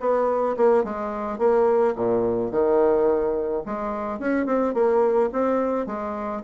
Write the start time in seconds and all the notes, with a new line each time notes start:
0.00 B3
0.57 A#3
0.84 G#3
1.38 A#3
1.96 A#2
2.51 D#3
3.66 G#3
4.19 C#4
4.46 C4
4.74 A#3
5.32 C4
5.86 G#3